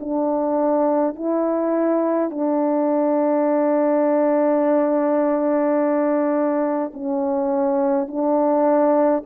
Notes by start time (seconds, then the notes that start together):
0.00 D4
1.15 E4
2.30 D4
6.93 C#4
8.08 D4